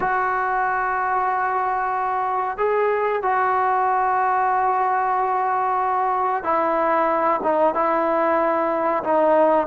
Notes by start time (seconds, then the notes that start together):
0.00 F#4
2.57 G#4
3.22 F#4
6.43 E4
7.43 D#4
7.74 E4
9.03 D#4